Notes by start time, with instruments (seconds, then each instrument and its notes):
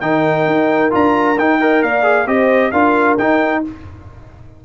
0.00 tuba D#3, trombone D#4, horn A#4, trumpet G5
0.45 tuba D#4
0.90 tuba D4, trombone F4, trumpet A#5
1.38 tuba D#4, trombone D#4, trumpet G5
1.59 trombone A#4, horn D#5
1.82 tuba A#3, horn D5, trumpet F5
2.02 trombone G#4
2.26 tuba C4, trombone G4, horn C5, trumpet D#5
2.71 tuba D4, trombone F4, horn A#4, trumpet F5
3.17 tuba D#4, trombone D#4, trumpet G5